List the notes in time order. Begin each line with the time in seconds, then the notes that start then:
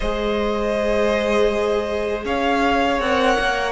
0.00 G#3 G#4 C5 D#5
2.24 C#4 C#5 F5
2.99 C4 A#4 F#5
3.38 A#3